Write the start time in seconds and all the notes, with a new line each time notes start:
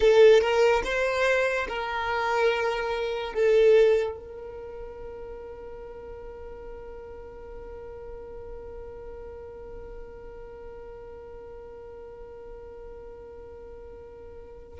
0.00 A4
0.41 A#4
0.83 C5
1.68 A#4
3.33 A4
4.17 A#4